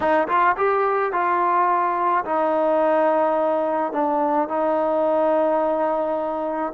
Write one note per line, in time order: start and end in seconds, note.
0.00 0.27 D#4
0.28 0.56 F4
0.56 1.12 G4
1.12 2.24 F4
2.25 3.92 D#4
3.92 4.48 D4
4.48 6.72 D#4